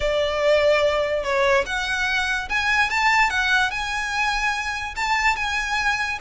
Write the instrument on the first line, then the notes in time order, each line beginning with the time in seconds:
violin
0.00 D5
1.23 C#5
1.66 F#5
2.49 G#5
2.90 A5
3.30 F#5
3.70 G#5
4.96 A5
5.36 G#5